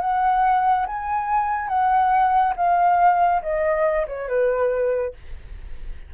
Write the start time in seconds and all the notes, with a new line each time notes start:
0.00 F#5
0.86 G#5
1.68 F#5
2.56 F5
3.42 D#5
4.07 C#5
4.28 B4